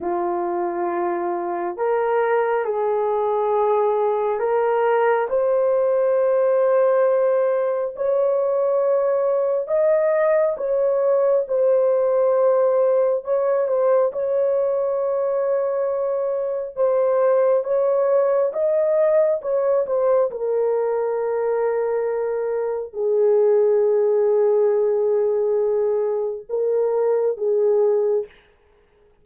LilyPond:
\new Staff \with { instrumentName = "horn" } { \time 4/4 \tempo 4 = 68 f'2 ais'4 gis'4~ | gis'4 ais'4 c''2~ | c''4 cis''2 dis''4 | cis''4 c''2 cis''8 c''8 |
cis''2. c''4 | cis''4 dis''4 cis''8 c''8 ais'4~ | ais'2 gis'2~ | gis'2 ais'4 gis'4 | }